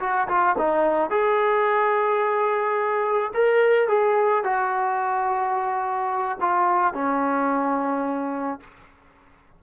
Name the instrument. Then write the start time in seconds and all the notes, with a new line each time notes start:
trombone
0.00 F#4
0.28 F4
0.59 D#4
1.10 G#4
3.34 A#4
3.88 G#4
4.44 F#4
6.41 F4
6.94 C#4